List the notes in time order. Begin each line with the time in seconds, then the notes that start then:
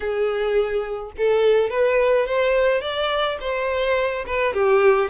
0.00 G#4
1.17 A4
1.70 B4
2.26 C5
2.81 D5
3.40 C5
4.26 B4
4.53 G4